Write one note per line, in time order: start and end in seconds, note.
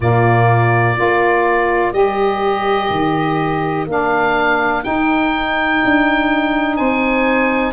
0.00 0.97 A#2
0.00 0.97 A#3
0.00 0.96 F4
0.00 1.93 D5
0.96 1.93 A#3
0.96 1.92 F4
0.96 6.76 A#4
1.92 2.89 G3
1.92 3.86 G4
1.92 3.86 D#5
2.90 3.86 D#3
3.86 4.83 A#3
3.86 4.82 D4
3.86 4.83 F5
4.82 7.72 D#4
4.82 5.83 D#4
4.82 6.76 G5
5.84 6.79 D4
6.76 7.72 C4
6.76 7.72 C5
6.76 7.72 G#5